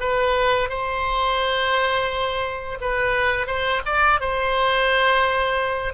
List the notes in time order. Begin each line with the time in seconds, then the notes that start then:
0.00 B4
0.69 C5
2.81 B4
3.47 C5
3.85 D5
4.20 C5